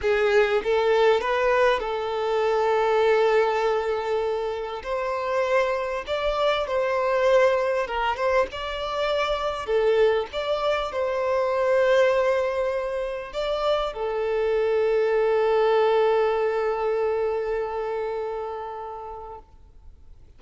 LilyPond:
\new Staff \with { instrumentName = "violin" } { \time 4/4 \tempo 4 = 99 gis'4 a'4 b'4 a'4~ | a'1 | c''2 d''4 c''4~ | c''4 ais'8 c''8 d''2 |
a'4 d''4 c''2~ | c''2 d''4 a'4~ | a'1~ | a'1 | }